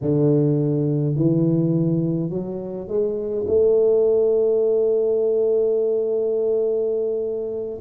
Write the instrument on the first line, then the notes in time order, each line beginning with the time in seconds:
tuba
0.01 D3
1.15 E3
2.29 F#3
2.87 G#3
3.47 A3